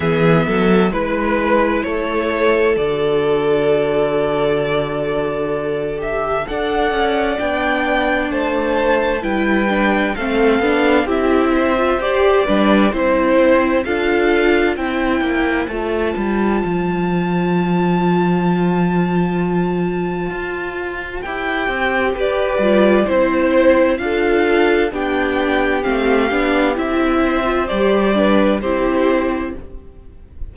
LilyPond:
<<
  \new Staff \with { instrumentName = "violin" } { \time 4/4 \tempo 4 = 65 e''4 b'4 cis''4 d''4~ | d''2~ d''8 e''8 fis''4 | g''4 a''4 g''4 f''4 | e''4 d''4 c''4 f''4 |
g''4 a''2.~ | a''2. g''4 | d''4 c''4 f''4 g''4 | f''4 e''4 d''4 c''4 | }
  \new Staff \with { instrumentName = "violin" } { \time 4/4 gis'8 a'8 b'4 a'2~ | a'2. d''4~ | d''4 c''4 b'4 a'4 | g'8 c''4 b'8 c''4 a'4 |
c''1~ | c''1 | b'4 c''4 a'4 g'4~ | g'4. c''4 b'8 g'4 | }
  \new Staff \with { instrumentName = "viola" } { \time 4/4 b4 e'2 fis'4~ | fis'2~ fis'8 g'8 a'4 | d'2 e'8 d'8 c'8 d'8 | e'8. f'16 g'8 d'8 e'4 f'4 |
e'4 f'2.~ | f'2. g'4~ | g'8 f'8 e'4 f'4 d'4 | c'8 d'8 e'8. f'16 g'8 d'8 e'4 | }
  \new Staff \with { instrumentName = "cello" } { \time 4/4 e8 fis8 gis4 a4 d4~ | d2. d'8 cis'8 | b4 a4 g4 a8 b8 | c'4 g'8 g8 c'4 d'4 |
c'8 ais8 a8 g8 f2~ | f2 f'4 e'8 c'8 | g'8 g8 c'4 d'4 b4 | a8 b8 c'4 g4 c'4 | }
>>